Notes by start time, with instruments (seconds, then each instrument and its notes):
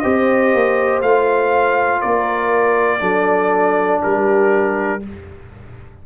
0.00 tuba C4, trombone G4, horn C5, trumpet D#5
0.54 tuba A#3
1.02 tuba A3, trombone F4, trumpet F5
2.02 tuba A#3, horn A#4, trumpet D5
3.00 tuba F#3, trombone D4, horn A4
4.03 tuba G3, horn G4, trumpet A#4